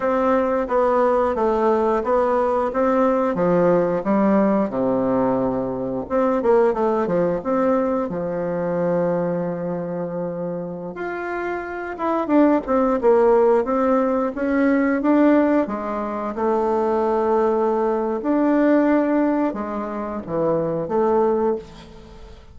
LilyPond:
\new Staff \with { instrumentName = "bassoon" } { \time 4/4 \tempo 4 = 89 c'4 b4 a4 b4 | c'4 f4 g4 c4~ | c4 c'8 ais8 a8 f8 c'4 | f1~ |
f16 f'4. e'8 d'8 c'8 ais8.~ | ais16 c'4 cis'4 d'4 gis8.~ | gis16 a2~ a8. d'4~ | d'4 gis4 e4 a4 | }